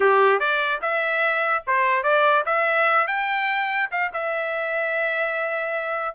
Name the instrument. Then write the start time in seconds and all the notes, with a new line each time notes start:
trumpet
0.00 G4
0.39 D5
0.81 E5
1.66 C5
2.03 D5
2.45 E5
3.07 G5
3.91 F5
4.13 E5